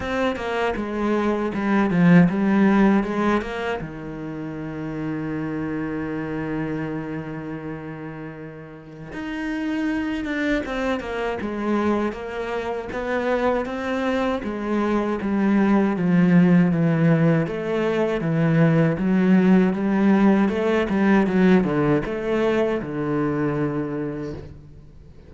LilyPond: \new Staff \with { instrumentName = "cello" } { \time 4/4 \tempo 4 = 79 c'8 ais8 gis4 g8 f8 g4 | gis8 ais8 dis2.~ | dis1 | dis'4. d'8 c'8 ais8 gis4 |
ais4 b4 c'4 gis4 | g4 f4 e4 a4 | e4 fis4 g4 a8 g8 | fis8 d8 a4 d2 | }